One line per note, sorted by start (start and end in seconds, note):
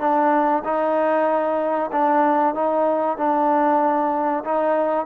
0.00 0.63 D4
0.65 1.91 D#4
1.92 2.55 D4
2.55 3.18 D#4
3.18 4.44 D4
4.45 5.06 D#4